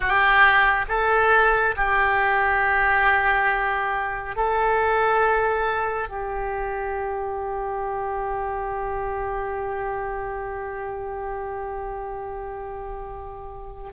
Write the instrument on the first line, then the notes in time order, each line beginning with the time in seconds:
oboe
0.00 G4
0.88 A4
1.76 G4
4.36 A4
6.08 G4